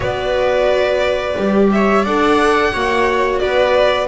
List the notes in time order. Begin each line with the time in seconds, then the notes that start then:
0.00 B3 F#4 B4 D5
1.36 G3 G4
1.71 C#5 E5
2.03 D4 A4 D5 F#5
2.72 A#3 F#4 C#5
3.38 B3 B4 D5